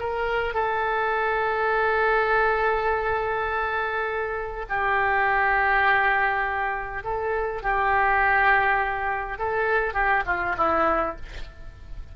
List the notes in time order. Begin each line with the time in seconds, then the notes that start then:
0.00 A#4
0.54 A4
4.70 G4
7.04 A4
7.63 G4
9.39 A4
9.94 G4
10.26 F4
10.58 E4